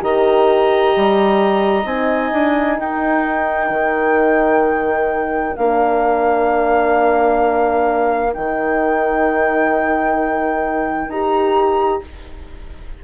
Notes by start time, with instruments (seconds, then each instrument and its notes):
0.00 bassoon D#3, horn G4, clarinet D#5, flute A#5
0.96 bassoon G3
1.85 bassoon C4, horn D#4, flute G#5
2.33 bassoon D4
2.77 bassoon D#4, clarinet A#4, flute G5
3.70 bassoon D#3
5.57 bassoon A#3, horn D4, flute F5
8.33 bassoon D#3, horn D#4, flute G5
11.08 bassoon D#4, horn G4, flute A#5